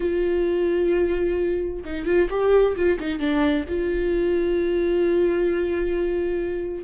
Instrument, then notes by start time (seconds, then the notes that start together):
viola
0.00 F4
1.84 D#4
2.05 F4
2.30 G4
2.76 F4
2.99 D#4
3.19 D4
3.68 F4